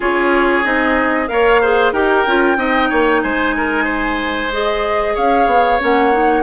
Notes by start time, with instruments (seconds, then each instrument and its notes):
0.00 bassoon C#4, clarinet F4, oboe G#4, flute C#5
0.64 bassoon C4, clarinet D#4, flute D#5
1.27 bassoon A#3, clarinet A#4, oboe C#5, flute F5
1.61 clarinet G#4, oboe C5
1.92 bassoon D#4, clarinet G4, oboe A#4, flute G5
2.26 bassoon C#4, clarinet F4
2.56 bassoon C4, clarinet D#4, oboe D#5
2.89 bassoon A#3, oboe C#5
3.22 bassoon G#3, oboe C5, flute G#5
3.57 oboe A#4
3.84 oboe C5
4.51 clarinet G#4, flute D#5
5.14 bassoon C#4, oboe C#5, flute F5
5.46 bassoon B3
5.80 bassoon A#3, clarinet C#4, flute F#5
6.12 clarinet D#4